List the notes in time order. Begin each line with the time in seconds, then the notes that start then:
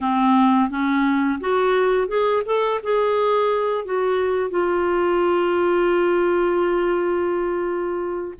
0.01 C4
0.69 C#4
1.40 F#4
2.08 G#4
2.45 A4
2.83 G#4
3.85 F#4
4.50 F4